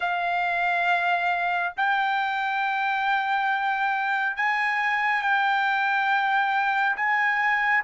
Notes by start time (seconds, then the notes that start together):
0.00 F5
1.76 G5
4.36 G#5
5.22 G5
6.96 G#5